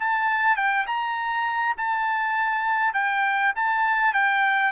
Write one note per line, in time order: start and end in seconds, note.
0.00 0.57 A5
0.57 0.87 G5
0.87 1.77 A#5
1.78 2.94 A5
2.94 3.53 G5
3.56 4.14 A5
4.14 4.73 G5